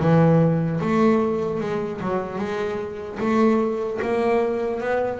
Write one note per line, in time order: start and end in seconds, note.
0.00 0.80 E3
0.80 1.60 A3
1.60 2.00 G#3
2.01 2.39 F#3
2.39 3.19 G#3
3.20 4.00 A3
4.02 4.80 A#3
4.80 5.20 B3